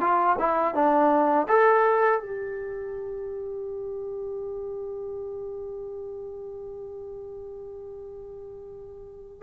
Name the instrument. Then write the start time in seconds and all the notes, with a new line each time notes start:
trombone
0.00 F4
0.39 E4
0.75 D4
1.49 A4
2.19 G4